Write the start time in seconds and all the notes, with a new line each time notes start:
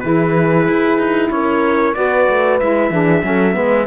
0.00 E3 E4 G#4 B4
0.68 E4
0.98 D#4
1.31 C#4 A#4 C#5
1.94 B3 F#4 B4 D5
2.29 A3
2.60 G#3 E4 E5
2.90 E3 D4 G#4
3.23 F#3 C#4 A4
3.54 G#3 B3 B4